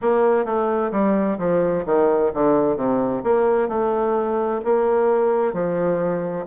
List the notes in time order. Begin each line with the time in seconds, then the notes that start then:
0.01 A#3
0.45 A3
0.91 G3
1.38 F3
1.85 D#3
2.33 D3
2.76 C3
3.23 A#3
3.68 A3
4.64 A#3
5.53 F3